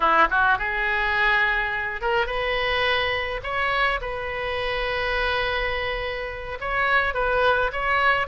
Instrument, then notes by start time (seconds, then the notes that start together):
oboe
0.00 E4
0.30 F#4
0.58 G#4
2.01 A#4
2.26 B4
3.43 C#5
4.01 B4
6.60 C#5
7.14 B4
7.72 C#5